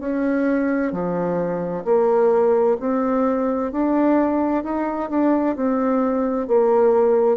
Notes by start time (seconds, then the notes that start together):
0.00 C#4
0.92 F3
1.85 A#3
2.80 C4
3.72 D4
4.64 D#4
5.10 D4
5.56 C4
6.47 A#3